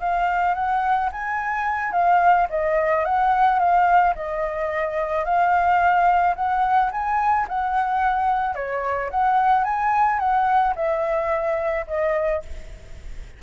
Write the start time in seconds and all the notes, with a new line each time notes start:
0.00 F5
0.55 F#5
1.12 G#5
1.92 F5
2.50 D#5
3.05 F#5
3.59 F5
4.15 D#5
5.25 F5
6.36 F#5
6.92 G#5
7.49 F#5
8.55 C#5
9.11 F#5
9.64 G#5
10.19 F#5
10.76 E5
11.87 D#5